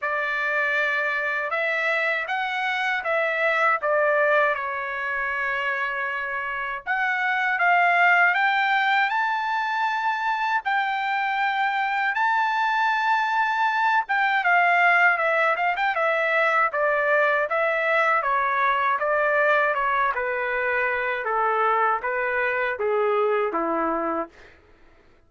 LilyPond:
\new Staff \with { instrumentName = "trumpet" } { \time 4/4 \tempo 4 = 79 d''2 e''4 fis''4 | e''4 d''4 cis''2~ | cis''4 fis''4 f''4 g''4 | a''2 g''2 |
a''2~ a''8 g''8 f''4 | e''8 f''16 g''16 e''4 d''4 e''4 | cis''4 d''4 cis''8 b'4. | a'4 b'4 gis'4 e'4 | }